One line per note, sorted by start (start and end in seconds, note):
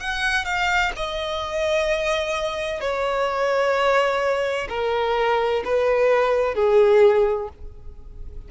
0.00 0.45 F#5
0.45 0.92 F5
0.96 2.81 D#5
2.81 4.68 C#5
4.69 5.63 A#4
5.65 6.55 B4
6.55 7.49 G#4